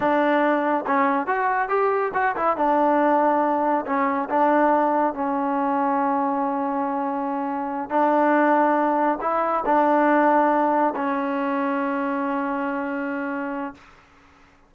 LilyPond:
\new Staff \with { instrumentName = "trombone" } { \time 4/4 \tempo 4 = 140 d'2 cis'4 fis'4 | g'4 fis'8 e'8 d'2~ | d'4 cis'4 d'2 | cis'1~ |
cis'2~ cis'8 d'4.~ | d'4. e'4 d'4.~ | d'4. cis'2~ cis'8~ | cis'1 | }